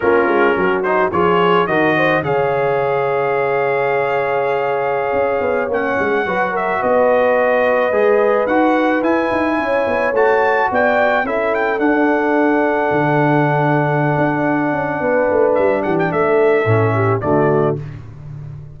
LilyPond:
<<
  \new Staff \with { instrumentName = "trumpet" } { \time 4/4 \tempo 4 = 108 ais'4. c''8 cis''4 dis''4 | f''1~ | f''2~ f''16 fis''4. e''16~ | e''16 dis''2. fis''8.~ |
fis''16 gis''2 a''4 g''8.~ | g''16 e''8 g''8 fis''2~ fis''8.~ | fis''1 | e''8 fis''16 g''16 e''2 d''4 | }
  \new Staff \with { instrumentName = "horn" } { \time 4/4 f'4 fis'4 gis'4 ais'8 c''8 | cis''1~ | cis''2.~ cis''16 b'8 ais'16~ | ais'16 b'2.~ b'8.~ |
b'4~ b'16 cis''2 d''8.~ | d''16 a'2.~ a'8.~ | a'2. b'4~ | b'8 g'8 a'4. g'8 fis'4 | }
  \new Staff \with { instrumentName = "trombone" } { \time 4/4 cis'4. dis'8 f'4 fis'4 | gis'1~ | gis'2~ gis'16 cis'4 fis'8.~ | fis'2~ fis'16 gis'4 fis'8.~ |
fis'16 e'2 fis'4.~ fis'16~ | fis'16 e'4 d'2~ d'8.~ | d'1~ | d'2 cis'4 a4 | }
  \new Staff \with { instrumentName = "tuba" } { \time 4/4 ais8 gis8 fis4 f4 dis4 | cis1~ | cis4~ cis16 cis'8 b8 ais8 gis8 fis8.~ | fis16 b2 gis4 dis'8.~ |
dis'16 e'8 dis'8 cis'8 b8 a4 b8.~ | b16 cis'4 d'2 d8.~ | d4. d'4 cis'8 b8 a8 | g8 e8 a4 a,4 d4 | }
>>